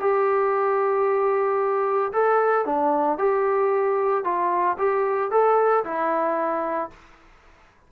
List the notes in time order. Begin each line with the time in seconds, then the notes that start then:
0.00 G4
2.13 A4
2.65 D4
3.18 G4
4.24 F4
4.78 G4
5.31 A4
5.85 E4